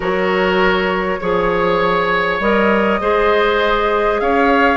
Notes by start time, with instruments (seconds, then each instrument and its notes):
0.00 bassoon F#3, clarinet F#4, oboe A#4, flute C#5
1.20 bassoon F3, clarinet G#4, oboe C#5
2.40 bassoon G3, clarinet A#4, flute D#5
3.00 bassoon G#3, clarinet G#4, oboe C5
4.20 bassoon C#4, oboe C#5, flute F5